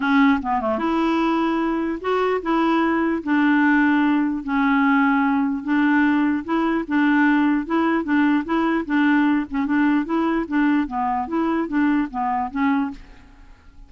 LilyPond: \new Staff \with { instrumentName = "clarinet" } { \time 4/4 \tempo 4 = 149 cis'4 b8 a8 e'2~ | e'4 fis'4 e'2 | d'2. cis'4~ | cis'2 d'2 |
e'4 d'2 e'4 | d'4 e'4 d'4. cis'8 | d'4 e'4 d'4 b4 | e'4 d'4 b4 cis'4 | }